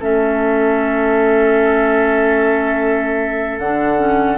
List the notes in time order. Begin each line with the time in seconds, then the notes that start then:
0.00 A3 C#4 A4 E5
3.59 D3 D4 F#5
3.98 C#4